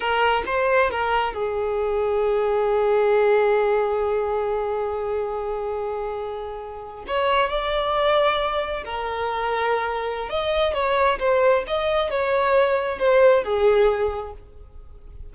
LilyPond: \new Staff \with { instrumentName = "violin" } { \time 4/4 \tempo 4 = 134 ais'4 c''4 ais'4 gis'4~ | gis'1~ | gis'1~ | gis'2.~ gis'8. cis''16~ |
cis''8. d''2. ais'16~ | ais'2. dis''4 | cis''4 c''4 dis''4 cis''4~ | cis''4 c''4 gis'2 | }